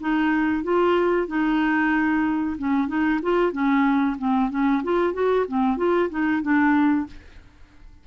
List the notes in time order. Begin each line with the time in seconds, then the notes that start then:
0.00 D#4
0.64 F4
1.28 D#4
2.58 C#4
2.88 D#4
3.22 F4
3.52 C#4
4.18 C4
4.50 C#4
4.84 F4
5.13 F#4
5.48 C4
5.77 F4
6.10 D#4
6.42 D4